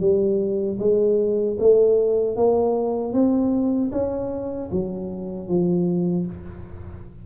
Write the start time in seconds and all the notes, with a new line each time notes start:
0.00 G3
0.79 G#3
1.59 A3
2.36 A#3
3.13 C4
3.92 C#4
4.71 F#3
5.48 F3